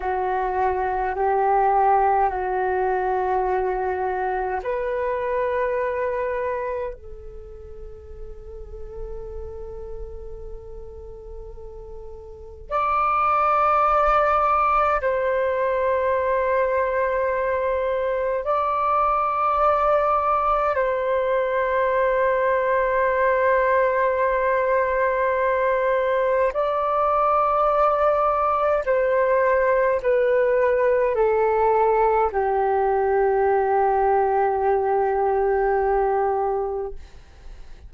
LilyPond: \new Staff \with { instrumentName = "flute" } { \time 4/4 \tempo 4 = 52 fis'4 g'4 fis'2 | b'2 a'2~ | a'2. d''4~ | d''4 c''2. |
d''2 c''2~ | c''2. d''4~ | d''4 c''4 b'4 a'4 | g'1 | }